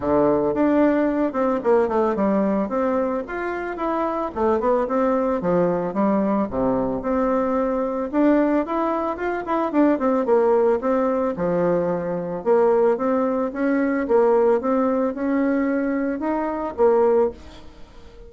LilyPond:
\new Staff \with { instrumentName = "bassoon" } { \time 4/4 \tempo 4 = 111 d4 d'4. c'8 ais8 a8 | g4 c'4 f'4 e'4 | a8 b8 c'4 f4 g4 | c4 c'2 d'4 |
e'4 f'8 e'8 d'8 c'8 ais4 | c'4 f2 ais4 | c'4 cis'4 ais4 c'4 | cis'2 dis'4 ais4 | }